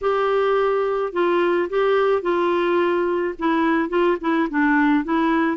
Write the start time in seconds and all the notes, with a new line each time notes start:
0.01 G4
1.12 F4
1.69 G4
2.22 F4
3.38 E4
3.89 F4
4.21 E4
4.50 D4
5.04 E4